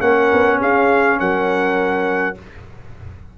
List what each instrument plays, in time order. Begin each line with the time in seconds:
0.00 tuba A#3, trombone C#4, horn A#4, trumpet F#5
0.33 tuba B3
0.60 tuba C#4, horn G#4, trumpet F5
1.20 tuba F#3, horn A#4, trumpet F#5